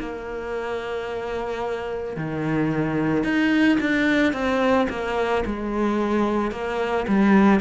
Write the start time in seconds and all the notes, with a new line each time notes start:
0.00 A#3
2.17 D#3
3.24 D#4
3.81 D4
4.33 C4
4.89 A#3
5.46 G#3
6.52 A#3
7.08 G3